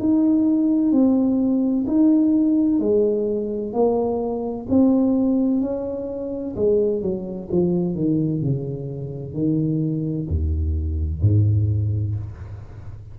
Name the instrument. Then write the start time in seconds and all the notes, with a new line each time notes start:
tuba
0.00 D#4
0.92 C4
1.87 D#4
2.80 G#3
3.73 A#3
4.70 C4
5.62 C#4
6.56 G#3
7.02 F#3
7.52 F3
7.96 D#3
8.42 C#3
9.34 D#3
10.30 D#2
11.22 G#2